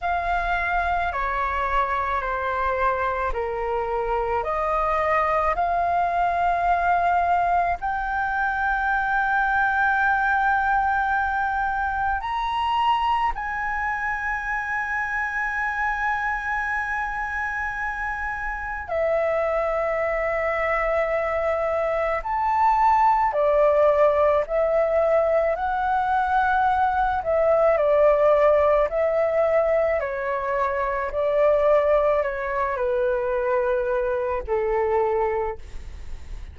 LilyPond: \new Staff \with { instrumentName = "flute" } { \time 4/4 \tempo 4 = 54 f''4 cis''4 c''4 ais'4 | dis''4 f''2 g''4~ | g''2. ais''4 | gis''1~ |
gis''4 e''2. | a''4 d''4 e''4 fis''4~ | fis''8 e''8 d''4 e''4 cis''4 | d''4 cis''8 b'4. a'4 | }